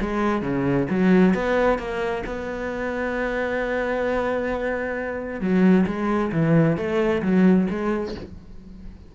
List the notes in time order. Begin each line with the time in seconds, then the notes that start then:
0.00 G#3
0.41 C#3
0.89 F#3
1.34 B3
1.78 A#3
2.26 B3
5.40 F#3
5.86 G#3
6.31 E3
6.76 A3
7.22 F#3
7.70 G#3